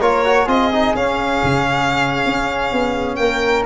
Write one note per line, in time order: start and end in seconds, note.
0.00 0.47 A#3
0.00 0.25 F4
0.00 0.45 A#4
0.00 0.48 C#5
0.25 0.48 F#4
0.45 0.94 C4
0.45 0.71 F4
0.45 3.16 G#4
0.45 0.95 D#5
0.72 0.96 D#4
0.94 1.42 C#4
0.94 3.65 C#4
0.94 3.15 F5
1.43 2.26 C#3
2.26 2.72 C#4
2.72 3.18 B3
3.15 3.65 A#3
3.15 3.65 A#4
3.15 3.63 G5